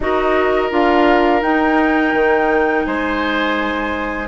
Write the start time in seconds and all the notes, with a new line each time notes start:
0.00 D#4 F#4 A#4 D#5
0.70 D4 F4 F5
1.41 D#4 G5
2.13 D#3
2.85 G#3 C5 G#5